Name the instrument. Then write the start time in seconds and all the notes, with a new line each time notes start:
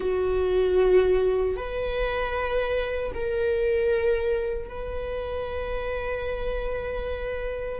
viola
0.00 F#4
1.56 B4
3.13 A#4
4.69 B4